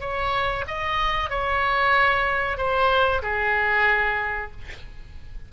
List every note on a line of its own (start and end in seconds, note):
0.00 0.65 C#5
0.67 1.29 D#5
1.29 2.57 C#5
2.57 3.21 C5
3.22 4.51 G#4